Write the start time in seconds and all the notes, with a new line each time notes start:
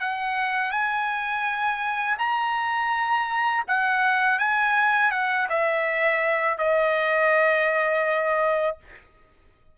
0.00 F#5
0.71 G#5
2.19 A#5
3.68 F#5
4.39 G#5
5.11 F#5
5.49 E5
6.58 D#5